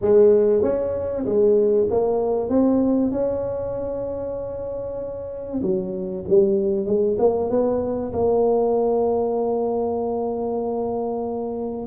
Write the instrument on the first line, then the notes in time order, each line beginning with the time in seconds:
tuba
0.01 G#3
0.62 C#4
1.25 G#3
1.90 A#3
2.49 C4
3.11 C#4
5.62 F#3
6.28 G3
6.86 G#3
7.18 A#3
7.50 B3
8.12 A#3